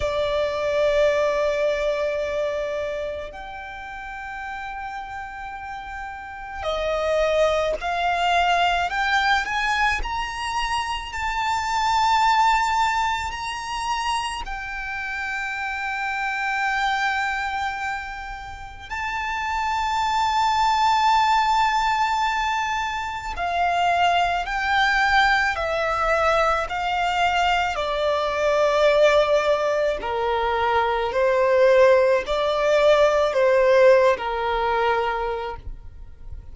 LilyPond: \new Staff \with { instrumentName = "violin" } { \time 4/4 \tempo 4 = 54 d''2. g''4~ | g''2 dis''4 f''4 | g''8 gis''8 ais''4 a''2 | ais''4 g''2.~ |
g''4 a''2.~ | a''4 f''4 g''4 e''4 | f''4 d''2 ais'4 | c''4 d''4 c''8. ais'4~ ais'16 | }